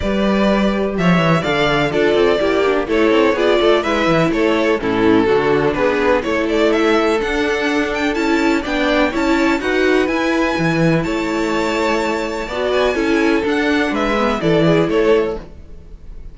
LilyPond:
<<
  \new Staff \with { instrumentName = "violin" } { \time 4/4 \tempo 4 = 125 d''2 e''4 f''4 | d''2 cis''4 d''4 | e''4 cis''4 a'2 | b'4 cis''8 d''8 e''4 fis''4~ |
fis''8 g''8 a''4 g''4 a''4 | fis''4 gis''2 a''4~ | a''2~ a''8 gis''4. | fis''4 e''4 d''4 cis''4 | }
  \new Staff \with { instrumentName = "violin" } { \time 4/4 b'2 cis''4 d''4 | a'4 g'4 a'4 gis'8 a'8 | b'4 a'4 e'4 fis'4 | gis'4 a'2.~ |
a'2 d''4 cis''4 | b'2. cis''4~ | cis''2 d''4 a'4~ | a'4 b'4 a'8 gis'8 a'4 | }
  \new Staff \with { instrumentName = "viola" } { \time 4/4 g'2. a'4 | f'4 e'8 d'8 e'4 f'4 | e'2 cis'4 d'4~ | d'4 e'2 d'4~ |
d'4 e'4 d'4 e'4 | fis'4 e'2.~ | e'2 fis'4 e'4 | d'4. b8 e'2 | }
  \new Staff \with { instrumentName = "cello" } { \time 4/4 g2 f8 e8 d4 | d'8 c'8 ais4 a8 c'8 b8 a8 | gis8 e8 a4 a,4 d4 | b4 a2 d'4~ |
d'4 cis'4 b4 cis'4 | dis'4 e'4 e4 a4~ | a2 b4 cis'4 | d'4 gis4 e4 a4 | }
>>